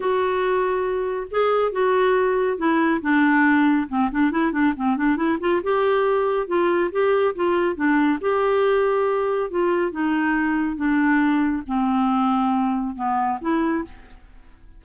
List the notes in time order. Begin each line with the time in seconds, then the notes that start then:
0.00 F#4
1.30 G#4
1.71 F#4
2.57 E4
3.01 D4
3.88 C4
4.11 D4
4.31 E4
4.51 D4
4.76 C4
4.96 D4
5.16 E4
5.40 F4
5.63 G4
6.47 F4
6.91 G4
7.35 F4
7.75 D4
8.20 G4
9.50 F4
9.91 D#4
10.76 D4
11.67 C4
12.95 B3
13.41 E4